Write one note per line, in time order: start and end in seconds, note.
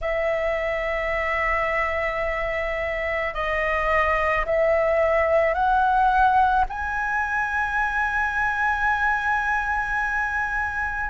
0.01 3.34 E5
3.34 4.45 D#5
4.45 5.54 E5
5.54 6.65 F#5
6.69 11.10 G#5